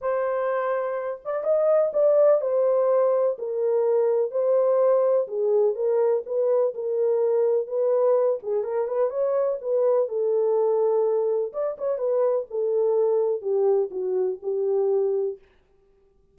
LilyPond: \new Staff \with { instrumentName = "horn" } { \time 4/4 \tempo 4 = 125 c''2~ c''8 d''8 dis''4 | d''4 c''2 ais'4~ | ais'4 c''2 gis'4 | ais'4 b'4 ais'2 |
b'4. gis'8 ais'8 b'8 cis''4 | b'4 a'2. | d''8 cis''8 b'4 a'2 | g'4 fis'4 g'2 | }